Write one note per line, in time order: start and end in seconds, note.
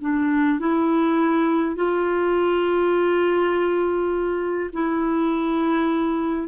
0.00 0.59 D4
0.59 1.76 E4
1.76 4.70 F4
4.73 6.48 E4